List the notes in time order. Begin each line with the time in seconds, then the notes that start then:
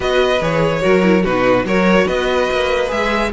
0.00 B3 F#4 B4 D#5
0.41 E3 G#4 C#5
0.81 F#3 F#4 A#4
1.02 E4
1.23 B2 D#4 F#4 B4
1.64 F#3 F#4 A#4 C#5
2.05 B3 B4 D#5
2.50 A#3
2.87 G#3 G#4 E5